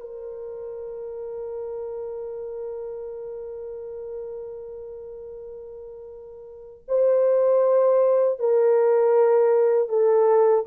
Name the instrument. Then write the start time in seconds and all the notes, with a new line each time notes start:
horn
0.00 A#4
6.88 C5
8.39 A#4
9.88 A4